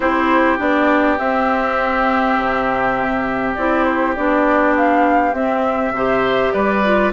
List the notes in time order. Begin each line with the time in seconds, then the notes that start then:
0.00 C4 E4 G4 C5
0.58 B3 D4 D5
1.18 C4 E5
2.37 C3
3.54 C4 E4 D5
3.84 C5
4.15 B3 D4 D5
4.76 F5
5.33 C4 E5
5.91 C3 G4 C5
6.52 G3 B4 D5
6.84 F4